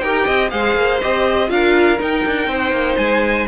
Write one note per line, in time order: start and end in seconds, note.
0.00 0.25 D#4
0.00 0.50 G4
0.00 0.25 A#4
0.00 0.49 G5
0.25 0.52 C4
0.25 0.50 D#5
0.50 0.76 G#3
0.50 0.99 G#4
0.50 1.49 C5
0.50 0.99 F5
0.76 1.00 A#3
1.01 1.49 C4
1.01 1.47 G4
1.01 1.49 D#5
1.47 1.99 D4
1.47 1.97 F4
1.47 2.49 A#4
1.47 1.98 F5
1.99 3.46 D#4
1.99 2.25 D#4
1.99 2.97 G5
2.26 2.47 D4
2.47 2.71 C4
2.47 3.48 C5
2.71 2.96 A#3
2.97 3.47 G#3
2.97 3.46 G#5